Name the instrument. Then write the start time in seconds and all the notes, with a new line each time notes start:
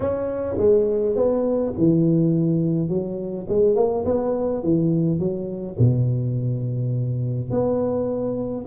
tuba
0.00 C#4
0.57 G#3
1.15 B3
1.77 E3
2.88 F#3
3.48 G#3
3.75 A#3
4.05 B3
4.63 E3
5.19 F#3
5.78 B2
7.50 B3